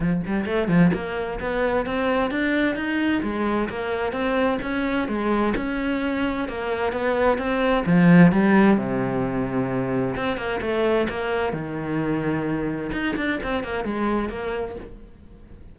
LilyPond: \new Staff \with { instrumentName = "cello" } { \time 4/4 \tempo 4 = 130 f8 g8 a8 f8 ais4 b4 | c'4 d'4 dis'4 gis4 | ais4 c'4 cis'4 gis4 | cis'2 ais4 b4 |
c'4 f4 g4 c4~ | c2 c'8 ais8 a4 | ais4 dis2. | dis'8 d'8 c'8 ais8 gis4 ais4 | }